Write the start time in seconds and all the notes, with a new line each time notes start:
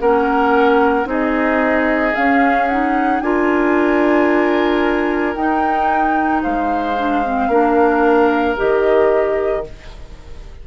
0.00 A#3 C#4 A#4 F#5
1.05 C4 D#4 G#4 D#5
2.14 C#4 F5
2.68 D#4 F#5
3.20 D4 F4 A#4 G#5
5.35 D#4 G5
6.42 G#3 C5 F5
6.97 D4
7.24 C4
7.48 A#3 D4 A#4
8.56 D#3 G4 D#5